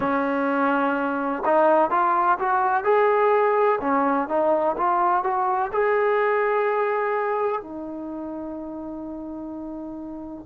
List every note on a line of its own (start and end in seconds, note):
0.00 1.43 C#4
1.45 1.90 D#4
1.90 2.38 F4
2.39 2.84 F#4
2.84 3.79 G#4
3.81 4.28 C#4
4.28 4.76 D#4
4.77 5.23 F4
5.23 5.71 F#4
5.72 7.61 G#4
7.61 10.46 D#4